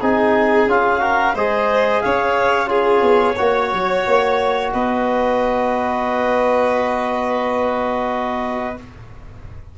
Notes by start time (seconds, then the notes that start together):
0.00 C4 D#4 G#4 G#5
0.67 C#4 F4 F5
1.00 F#4 A#4
1.34 G#3 G#4 C5 D#5
2.01 C#4 C#5 F5
2.67 F4 G#4 C#5
3.01 B3
3.36 A#3 F#4 C#5
3.72 F#3
4.06 A#3
4.73 B3 B4 D#5